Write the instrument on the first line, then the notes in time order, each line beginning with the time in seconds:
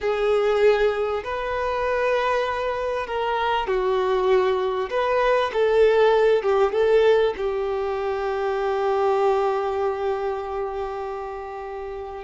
violin
0.00 G#4
1.24 B4
3.06 A#4
3.67 F#4
4.90 B4
5.53 A4
6.42 G4
6.72 A4
7.37 G4